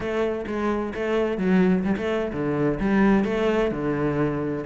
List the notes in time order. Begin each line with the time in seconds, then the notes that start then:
0.00 A3
0.46 G#3
0.94 A3
1.37 F#3
1.84 G3
1.97 A3
2.32 D3
2.80 G3
3.24 A3
3.71 D3